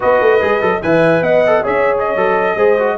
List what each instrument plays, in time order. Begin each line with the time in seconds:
0.00 tuba B3, trombone F#4, horn B4, trumpet D#5
0.20 tuba A3
0.41 tuba G#3, trombone G#4
0.61 tuba F#3, trombone A4
0.82 tuba E3, trombone B4, horn E5, trumpet G#5
1.21 tuba B3, horn D#5, trumpet F#5
1.46 trombone A4
1.62 tuba C#4, trombone G#4, horn C#5, trumpet E5
1.99 trumpet D#5
2.15 tuba F#3, trombone A4
2.55 tuba G#3, trombone G#4, horn C5
2.78 trombone F#4